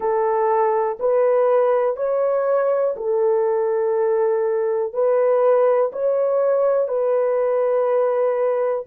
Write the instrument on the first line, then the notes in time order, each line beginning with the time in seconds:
horn
0.00 A4
0.99 B4
1.96 C#5
2.96 A4
4.93 B4
5.92 C#5
6.88 B4